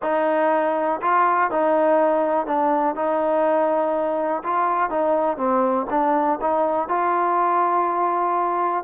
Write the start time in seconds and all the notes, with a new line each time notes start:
0.02 D#4
1.01 F4
1.50 D#4
2.46 D4
2.95 D#4
4.43 F4
4.89 D#4
5.37 C4
5.90 D4
6.41 D#4
6.88 F4